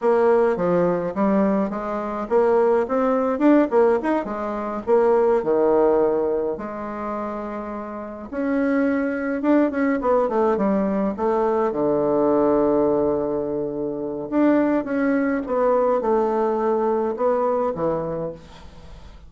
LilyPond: \new Staff \with { instrumentName = "bassoon" } { \time 4/4 \tempo 4 = 105 ais4 f4 g4 gis4 | ais4 c'4 d'8 ais8 dis'8 gis8~ | gis8 ais4 dis2 gis8~ | gis2~ gis8 cis'4.~ |
cis'8 d'8 cis'8 b8 a8 g4 a8~ | a8 d2.~ d8~ | d4 d'4 cis'4 b4 | a2 b4 e4 | }